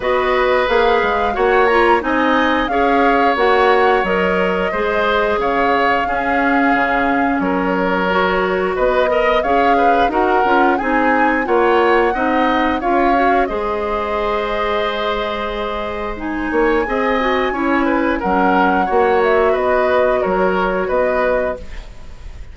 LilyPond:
<<
  \new Staff \with { instrumentName = "flute" } { \time 4/4 \tempo 4 = 89 dis''4 f''4 fis''8 ais''8 gis''4 | f''4 fis''4 dis''2 | f''2. cis''4~ | cis''4 dis''4 f''4 fis''4 |
gis''4 fis''2 f''4 | dis''1 | gis''2. fis''4~ | fis''8 e''8 dis''4 cis''4 dis''4 | }
  \new Staff \with { instrumentName = "oboe" } { \time 4/4 b'2 cis''4 dis''4 | cis''2. c''4 | cis''4 gis'2 ais'4~ | ais'4 b'8 dis''8 cis''8 b'8 ais'4 |
gis'4 cis''4 dis''4 cis''4 | c''1~ | c''8 cis''8 dis''4 cis''8 b'8 ais'4 | cis''4 b'4 ais'4 b'4 | }
  \new Staff \with { instrumentName = "clarinet" } { \time 4/4 fis'4 gis'4 fis'8 f'8 dis'4 | gis'4 fis'4 ais'4 gis'4~ | gis'4 cis'2. | fis'4. ais'8 gis'4 fis'8 f'8 |
dis'4 f'4 dis'4 f'8 fis'8 | gis'1 | dis'4 gis'8 fis'8 e'4 cis'4 | fis'1 | }
  \new Staff \with { instrumentName = "bassoon" } { \time 4/4 b4 ais8 gis8 ais4 c'4 | cis'4 ais4 fis4 gis4 | cis4 cis'4 cis4 fis4~ | fis4 b4 cis'4 dis'8 cis'8 |
c'4 ais4 c'4 cis'4 | gis1~ | gis8 ais8 c'4 cis'4 fis4 | ais4 b4 fis4 b4 | }
>>